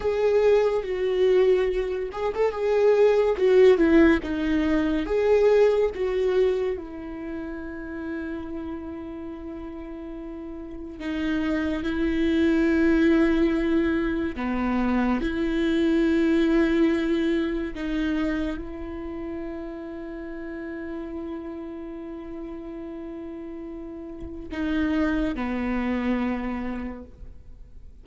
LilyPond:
\new Staff \with { instrumentName = "viola" } { \time 4/4 \tempo 4 = 71 gis'4 fis'4. gis'16 a'16 gis'4 | fis'8 e'8 dis'4 gis'4 fis'4 | e'1~ | e'4 dis'4 e'2~ |
e'4 b4 e'2~ | e'4 dis'4 e'2~ | e'1~ | e'4 dis'4 b2 | }